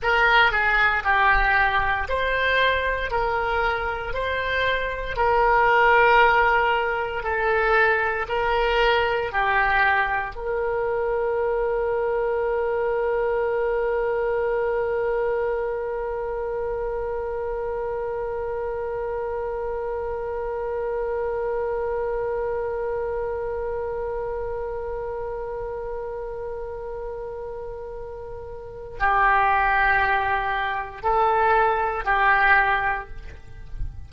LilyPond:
\new Staff \with { instrumentName = "oboe" } { \time 4/4 \tempo 4 = 58 ais'8 gis'8 g'4 c''4 ais'4 | c''4 ais'2 a'4 | ais'4 g'4 ais'2~ | ais'1~ |
ais'1~ | ais'1~ | ais'1 | g'2 a'4 g'4 | }